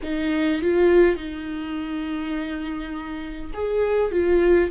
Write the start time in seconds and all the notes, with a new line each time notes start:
0.02 D#4
0.61 F4
1.16 D#4
3.53 G#4
4.11 F4